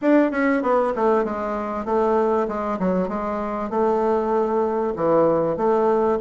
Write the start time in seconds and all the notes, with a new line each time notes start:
0.01 D4
0.31 C#4
0.62 B3
0.95 A3
1.24 G#3
1.85 A3
2.47 G#3
2.79 F#3
3.08 G#3
3.70 A3
4.96 E3
5.56 A3